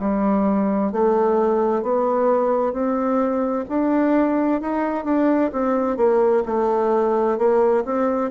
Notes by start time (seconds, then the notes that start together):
0.00 G3
0.92 A3
1.83 B3
2.73 C4
3.69 D4
4.62 D#4
5.05 D4
5.53 C4
5.97 A#3
6.46 A3
7.38 A#3
7.85 C4